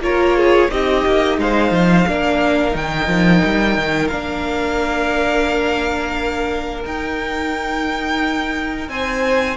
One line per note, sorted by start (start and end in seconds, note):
0.00 0.68 A#3
0.00 0.70 F4
0.00 0.37 A#4
0.00 0.71 C#5
0.37 0.71 G#4
0.70 1.05 C4
0.70 2.07 D#4
0.70 1.40 G4
0.70 1.39 D#5
1.05 1.38 A#3
1.38 1.71 G#3
1.38 2.08 C5
1.38 2.76 F5
1.71 2.05 F3
2.07 2.74 A#3
2.07 2.71 D4
2.07 8.91 A#4
2.71 3.07 D#3
2.71 4.07 D#4
2.71 4.08 G5
3.07 3.41 F3
3.45 3.77 G3
3.77 4.11 D#3
4.08 6.84 A#3
4.08 6.84 D4
4.08 6.81 F5
6.84 9.56 D#4
6.84 8.89 D#4
6.84 8.89 G5
8.89 9.56 C4
8.89 9.56 C5
8.89 9.56 G#5